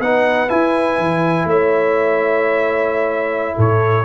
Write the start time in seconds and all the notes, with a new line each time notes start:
0.00 B3 D#4 B4 F#5
0.49 E4 G#5
0.99 E3
1.45 A3 C#5 E5
3.57 A2 A4 C#5